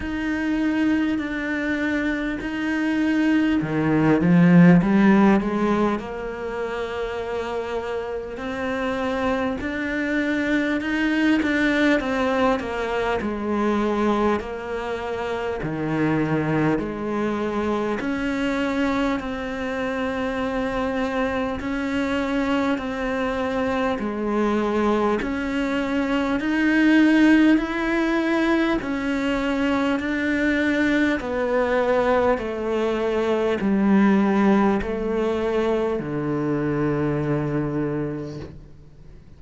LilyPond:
\new Staff \with { instrumentName = "cello" } { \time 4/4 \tempo 4 = 50 dis'4 d'4 dis'4 dis8 f8 | g8 gis8 ais2 c'4 | d'4 dis'8 d'8 c'8 ais8 gis4 | ais4 dis4 gis4 cis'4 |
c'2 cis'4 c'4 | gis4 cis'4 dis'4 e'4 | cis'4 d'4 b4 a4 | g4 a4 d2 | }